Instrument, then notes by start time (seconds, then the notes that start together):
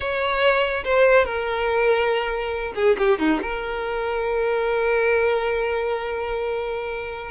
violin
0.00 C#5
0.84 C5
1.25 A#4
2.75 G#4
2.98 G4
3.19 D#4
3.42 A#4